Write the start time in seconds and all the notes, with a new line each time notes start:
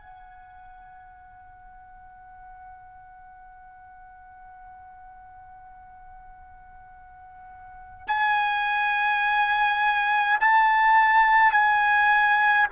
0.00 F#5
8.08 G#5
10.41 A5
11.52 G#5